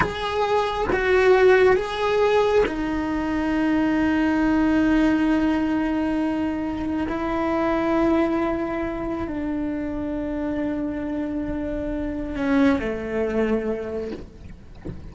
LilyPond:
\new Staff \with { instrumentName = "cello" } { \time 4/4 \tempo 4 = 136 gis'2 fis'2 | gis'2 dis'2~ | dis'1~ | dis'1 |
e'1~ | e'4 d'2.~ | d'1 | cis'4 a2. | }